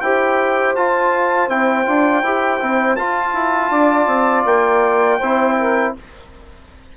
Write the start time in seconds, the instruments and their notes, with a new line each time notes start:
0.00 bassoon E4, trombone G4, saxophone C5, trumpet G5
0.75 bassoon F4, trombone F4, trumpet A5
1.48 bassoon C4, trombone E4, trumpet G5
1.85 bassoon D4, trombone F4
2.23 bassoon E4, trombone G4
2.59 bassoon C4, trombone E4
2.96 bassoon F4, trombone F4, trumpet A5
3.34 bassoon E4
3.70 bassoon D4, saxophone D5
4.07 bassoon C4
4.45 bassoon A#3, trumpet G5
5.18 bassoon C4, trombone E4, saxophone C5
5.58 saxophone A#4